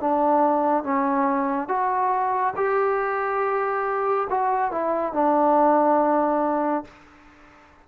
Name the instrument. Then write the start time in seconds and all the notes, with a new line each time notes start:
trombone
0.00 D4
0.83 C#4
1.68 F#4
2.56 G4
4.29 F#4
4.71 E4
5.13 D4